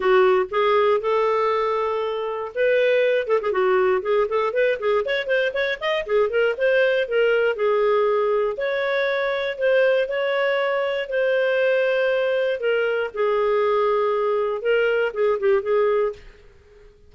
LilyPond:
\new Staff \with { instrumentName = "clarinet" } { \time 4/4 \tempo 4 = 119 fis'4 gis'4 a'2~ | a'4 b'4. a'16 gis'16 fis'4 | gis'8 a'8 b'8 gis'8 cis''8 c''8 cis''8 dis''8 | gis'8 ais'8 c''4 ais'4 gis'4~ |
gis'4 cis''2 c''4 | cis''2 c''2~ | c''4 ais'4 gis'2~ | gis'4 ais'4 gis'8 g'8 gis'4 | }